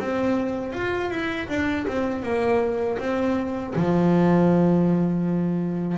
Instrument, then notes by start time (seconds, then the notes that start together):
double bass
0.00 C4
0.73 F4
1.11 E4
1.49 D4
1.88 C4
2.23 A#3
2.99 C4
3.76 F3